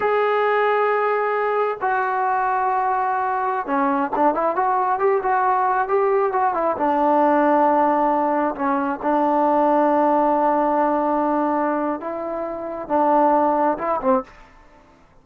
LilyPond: \new Staff \with { instrumentName = "trombone" } { \time 4/4 \tempo 4 = 135 gis'1 | fis'1~ | fis'16 cis'4 d'8 e'8 fis'4 g'8 fis'16~ | fis'4~ fis'16 g'4 fis'8 e'8 d'8.~ |
d'2.~ d'16 cis'8.~ | cis'16 d'2.~ d'8.~ | d'2. e'4~ | e'4 d'2 e'8 c'8 | }